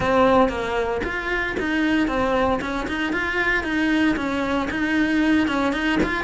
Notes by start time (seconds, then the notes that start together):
0.00 C4
0.49 A#3
1.03 F4
1.59 D#4
2.07 C4
2.61 C#4
2.87 D#4
3.12 F4
3.63 D#4
4.16 C#4
4.70 D#4
5.47 C#4
5.72 D#4
6.03 F4